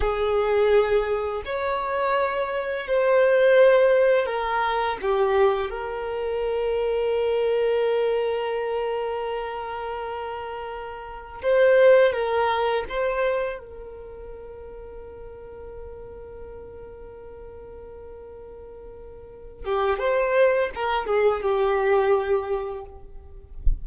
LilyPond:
\new Staff \with { instrumentName = "violin" } { \time 4/4 \tempo 4 = 84 gis'2 cis''2 | c''2 ais'4 g'4 | ais'1~ | ais'1 |
c''4 ais'4 c''4 ais'4~ | ais'1~ | ais'2.~ ais'8 g'8 | c''4 ais'8 gis'8 g'2 | }